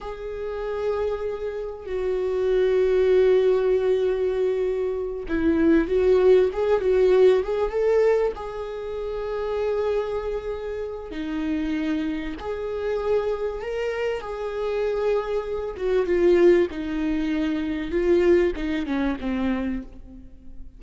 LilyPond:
\new Staff \with { instrumentName = "viola" } { \time 4/4 \tempo 4 = 97 gis'2. fis'4~ | fis'1~ | fis'8 e'4 fis'4 gis'8 fis'4 | gis'8 a'4 gis'2~ gis'8~ |
gis'2 dis'2 | gis'2 ais'4 gis'4~ | gis'4. fis'8 f'4 dis'4~ | dis'4 f'4 dis'8 cis'8 c'4 | }